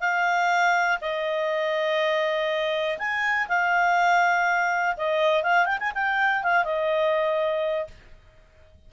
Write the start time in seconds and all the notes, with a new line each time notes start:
0.00 F5
1.01 D#5
2.98 G#5
3.48 F5
4.96 D#5
5.43 F5
5.65 G5
5.79 G#5
5.94 G5
6.43 F5
6.64 D#5